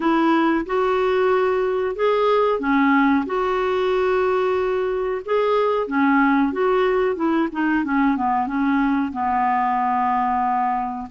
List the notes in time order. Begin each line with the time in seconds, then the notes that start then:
0.00 E4
0.66 F#4
1.95 G#4
2.59 C#4
3.26 F#4
5.25 G#4
5.87 C#4
6.52 F#4
7.15 E4
7.51 D#4
7.84 C#4
8.16 B3
8.46 C#4
9.12 B3